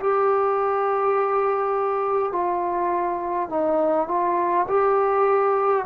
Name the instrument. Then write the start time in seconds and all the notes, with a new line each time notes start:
trombone
0.00 G4
2.32 F4
3.49 D#4
4.07 F4
4.68 G4